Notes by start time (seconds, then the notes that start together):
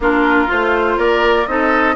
0.00 A#3 D4 F4 A#4
0.47 A3 F4 C5
0.97 A#3 A#4 D5
1.47 C4 D#4 A4 D#5